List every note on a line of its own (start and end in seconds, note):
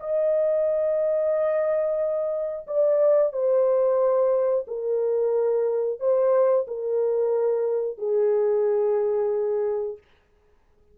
0.00 2.67 D#5
2.67 3.33 D5
3.33 4.66 C5
4.68 6.00 A#4
6.00 6.66 C5
6.67 7.98 A#4
7.98 9.98 G#4